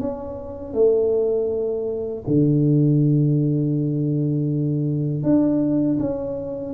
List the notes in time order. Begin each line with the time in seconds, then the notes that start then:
0.00 C#4
0.73 A3
2.27 D3
5.23 D4
5.99 C#4